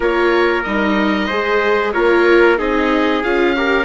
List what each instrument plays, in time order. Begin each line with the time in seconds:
0.00 bassoon A#3, viola F4, trumpet A#4, oboe C#5
0.63 bassoon G3, viola D#4, oboe D#5
1.27 bassoon G#3, viola G#4, trumpet C5
1.92 bassoon A#3, viola F4, trumpet A#4, oboe C#5
2.57 bassoon C4, viola D#4, trumpet G#4, oboe D#5
3.23 bassoon C#4, viola F4, oboe F5
3.56 viola G4, trumpet A#4